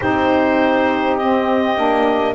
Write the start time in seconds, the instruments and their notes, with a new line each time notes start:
0.00 double bass C4, saxophone D#4, horn G4, clarinet C5
1.16 saxophone C4, clarinet D#5
1.76 double bass A#3, saxophone D4